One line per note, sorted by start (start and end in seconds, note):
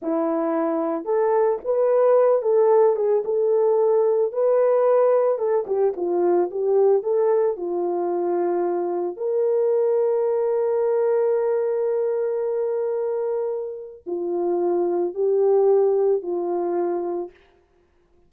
0.01 1.04 E4
1.04 1.58 A4
1.64 2.42 B4
2.42 2.96 A4
2.96 3.23 G#4
3.24 4.32 A4
4.32 5.38 B4
5.38 5.65 A4
5.66 5.93 G4
5.96 6.50 F4
6.50 7.03 G4
7.03 7.57 A4
7.57 9.16 F4
9.16 14.03 A#4
14.06 15.14 F4
15.14 16.22 G4
16.22 17.30 F4